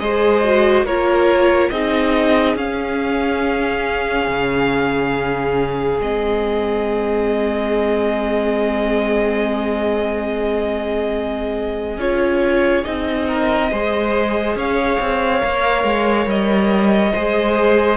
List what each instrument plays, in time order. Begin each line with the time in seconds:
0.00 cello G#3, viola G#4, violin C5 D#5
0.44 viola F#4
0.83 cello A#3, viola F4, violin A#4 C#5
1.70 cello C4, viola D#4, violin G#4 D#5
2.56 cello C#4, viola C#4, violin F5
4.28 cello C#3
6.00 cello G#3, viola C4, violin D#5
11.98 cello C#4, viola F4, violin C#5
12.84 cello C4, viola D#4, violin D#5
13.28 violin A#4
13.72 cello G#3, viola G#4, violin C5
14.56 cello C#4, violin C#5 F5
15.00 cello C4
15.41 cello A#3, viola A#4
15.84 cello G#3
16.27 cello G3, violin D#5
17.13 cello G#3, viola G#4, violin C5